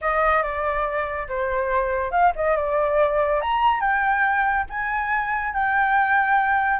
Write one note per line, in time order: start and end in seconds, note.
0.01 0.42 D#5
0.42 1.27 D5
1.28 2.11 C5
2.11 2.32 F5
2.35 2.56 D#5
2.56 3.41 D5
3.41 3.80 A#5
3.80 4.65 G5
4.69 5.53 G#5
5.53 6.79 G5